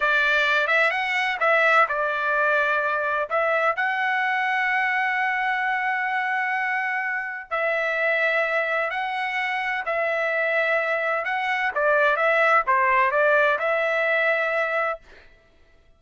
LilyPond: \new Staff \with { instrumentName = "trumpet" } { \time 4/4 \tempo 4 = 128 d''4. e''8 fis''4 e''4 | d''2. e''4 | fis''1~ | fis''1 |
e''2. fis''4~ | fis''4 e''2. | fis''4 d''4 e''4 c''4 | d''4 e''2. | }